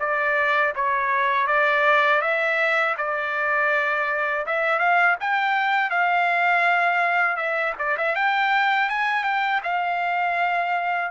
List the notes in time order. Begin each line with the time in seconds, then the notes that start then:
0.00 D5
0.76 C#5
1.47 D5
2.22 E5
2.98 D5
4.46 E5
4.79 F5
5.21 G5
5.90 F5
7.37 E5
7.79 D5
7.98 E5
8.16 G5
8.90 G#5
9.24 G5
9.64 F5